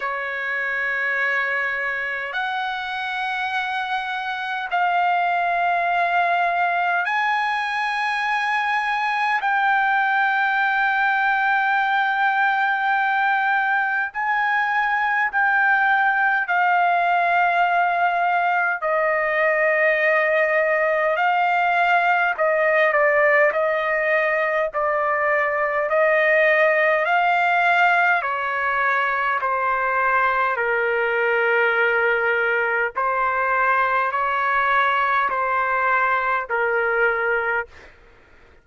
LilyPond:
\new Staff \with { instrumentName = "trumpet" } { \time 4/4 \tempo 4 = 51 cis''2 fis''2 | f''2 gis''2 | g''1 | gis''4 g''4 f''2 |
dis''2 f''4 dis''8 d''8 | dis''4 d''4 dis''4 f''4 | cis''4 c''4 ais'2 | c''4 cis''4 c''4 ais'4 | }